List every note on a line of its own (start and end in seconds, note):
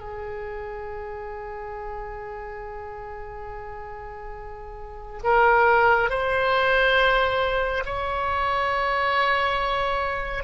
0.00 5.22 G#4
5.24 6.10 A#4
6.10 7.84 C5
7.85 10.44 C#5